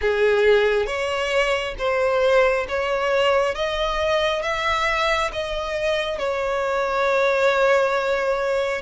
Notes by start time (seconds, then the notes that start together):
0.01 G#4
0.86 C#5
1.78 C5
2.68 C#5
3.55 D#5
4.42 E5
5.32 D#5
6.18 C#5